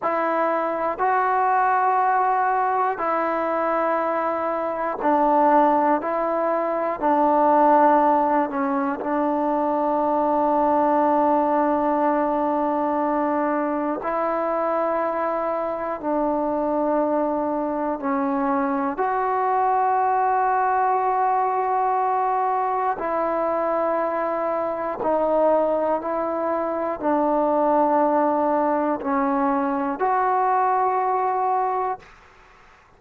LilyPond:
\new Staff \with { instrumentName = "trombone" } { \time 4/4 \tempo 4 = 60 e'4 fis'2 e'4~ | e'4 d'4 e'4 d'4~ | d'8 cis'8 d'2.~ | d'2 e'2 |
d'2 cis'4 fis'4~ | fis'2. e'4~ | e'4 dis'4 e'4 d'4~ | d'4 cis'4 fis'2 | }